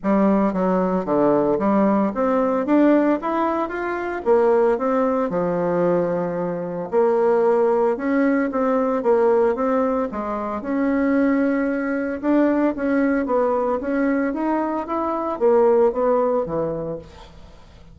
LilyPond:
\new Staff \with { instrumentName = "bassoon" } { \time 4/4 \tempo 4 = 113 g4 fis4 d4 g4 | c'4 d'4 e'4 f'4 | ais4 c'4 f2~ | f4 ais2 cis'4 |
c'4 ais4 c'4 gis4 | cis'2. d'4 | cis'4 b4 cis'4 dis'4 | e'4 ais4 b4 e4 | }